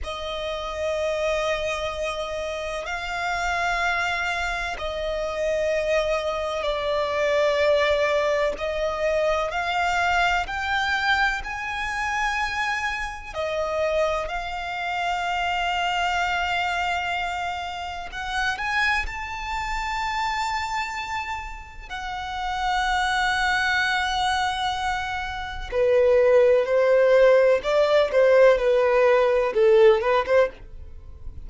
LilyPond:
\new Staff \with { instrumentName = "violin" } { \time 4/4 \tempo 4 = 63 dis''2. f''4~ | f''4 dis''2 d''4~ | d''4 dis''4 f''4 g''4 | gis''2 dis''4 f''4~ |
f''2. fis''8 gis''8 | a''2. fis''4~ | fis''2. b'4 | c''4 d''8 c''8 b'4 a'8 b'16 c''16 | }